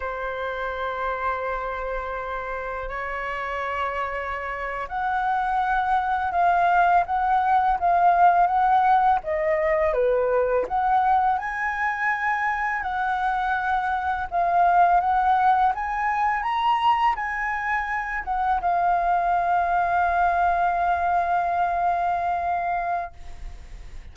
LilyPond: \new Staff \with { instrumentName = "flute" } { \time 4/4 \tempo 4 = 83 c''1 | cis''2~ cis''8. fis''4~ fis''16~ | fis''8. f''4 fis''4 f''4 fis''16~ | fis''8. dis''4 b'4 fis''4 gis''16~ |
gis''4.~ gis''16 fis''2 f''16~ | f''8. fis''4 gis''4 ais''4 gis''16~ | gis''4~ gis''16 fis''8 f''2~ f''16~ | f''1 | }